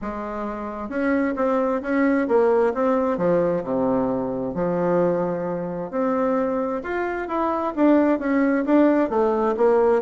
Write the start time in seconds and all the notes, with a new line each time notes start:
0.01 G#3
0.89 C#4
1.36 C4
1.82 C#4
2.27 A#3
2.74 C4
3.17 F3
3.63 C3
4.54 F3
5.90 C4
6.83 F4
7.28 E4
7.75 D4
8.19 C#4
8.65 D4
9.09 A3
9.56 A#3